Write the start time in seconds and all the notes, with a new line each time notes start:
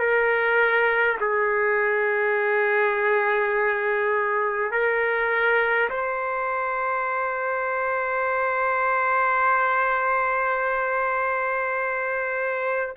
0.00 A#4
1.20 G#4
4.72 A#4
5.90 C5